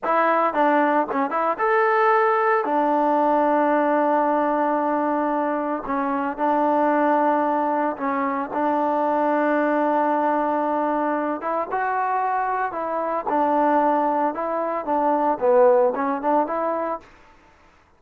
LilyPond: \new Staff \with { instrumentName = "trombone" } { \time 4/4 \tempo 4 = 113 e'4 d'4 cis'8 e'8 a'4~ | a'4 d'2.~ | d'2. cis'4 | d'2. cis'4 |
d'1~ | d'4. e'8 fis'2 | e'4 d'2 e'4 | d'4 b4 cis'8 d'8 e'4 | }